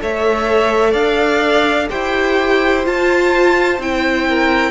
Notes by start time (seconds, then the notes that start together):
0.00 A3 A4 C#5 E5
0.90 D4 D5 F5
1.89 E4 G4 C5 G5
2.84 F4 A5
3.79 C4 E4 G5
4.28 A#4